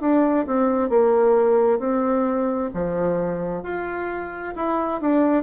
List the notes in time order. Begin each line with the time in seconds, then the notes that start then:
0.00 D4
0.46 C4
0.89 A#3
1.79 C4
2.74 F3
3.63 F4
4.55 E4
5.01 D4